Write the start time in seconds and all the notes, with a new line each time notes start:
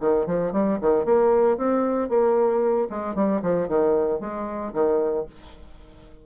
0.00 D#3
0.26 F3
0.52 G3
0.81 D#3
1.05 A#3
1.57 C4
2.09 A#3
2.89 G#3
3.15 G3
3.42 F3
3.68 D#3
4.20 G#3
4.73 D#3